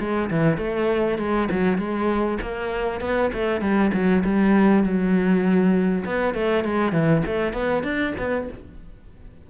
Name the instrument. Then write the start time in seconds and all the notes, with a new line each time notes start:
cello
0.00 G#3
0.31 E3
0.58 A3
1.18 G#3
1.51 F#3
1.78 G#3
2.42 A#3
3.01 B3
3.34 A3
3.61 G3
3.94 F#3
4.25 G3
4.83 F#3
6.06 B3
6.34 A3
6.65 G#3
6.93 E3
7.26 A3
7.53 B3
7.83 D4
8.19 B3